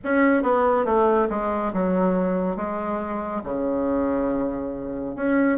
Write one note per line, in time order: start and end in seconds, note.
0.04 0.42 C#4
0.42 0.85 B3
0.85 1.28 A3
1.29 1.72 G#3
1.73 2.56 F#3
2.56 3.42 G#3
3.44 5.15 C#3
5.15 5.58 C#4